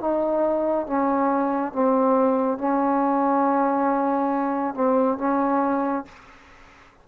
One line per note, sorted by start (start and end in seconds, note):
0.00 0.87 D#4
0.87 1.72 C#4
1.72 2.58 C4
2.58 4.74 C#4
4.74 5.18 C4
5.18 6.05 C#4